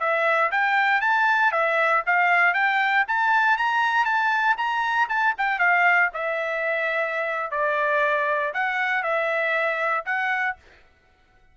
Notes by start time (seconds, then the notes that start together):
0.00 E5
0.52 G5
1.01 A5
1.52 E5
2.06 F5
2.54 G5
3.08 A5
3.58 A#5
4.05 A5
4.58 A#5
5.09 A5
5.38 G5
5.59 F5
6.14 E5
7.52 D5
8.54 F#5
9.03 E5
10.06 F#5